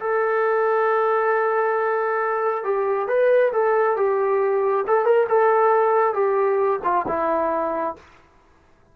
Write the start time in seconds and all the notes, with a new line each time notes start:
0.00 A4
2.64 G4
3.08 B4
3.53 A4
3.97 G4
4.87 A4
5.05 A#4
5.29 A4
6.14 G4
6.84 F4
7.07 E4